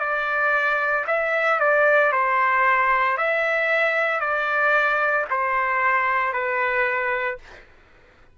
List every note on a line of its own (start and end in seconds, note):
0.00 1.05 D5
1.07 1.60 E5
1.60 2.12 D5
2.12 3.17 C5
3.17 4.20 E5
4.20 5.25 D5
5.30 6.33 C5
6.33 7.38 B4